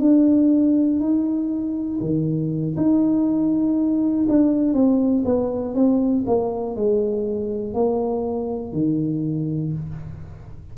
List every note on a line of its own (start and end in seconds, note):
0.00 1.00 D4
1.00 2.00 D#4
2.00 2.75 D#3
2.77 4.27 D#4
4.29 4.73 D4
4.73 5.23 C4
5.25 5.75 B3
5.75 6.25 C4
6.27 6.76 A#3
6.76 7.74 G#3
7.74 8.73 A#3
8.73 9.73 D#3